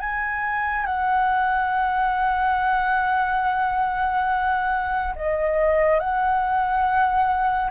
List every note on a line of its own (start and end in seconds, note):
0.00 0.86 G#5
0.86 5.14 F#5
5.16 6.00 D#5
6.00 7.71 F#5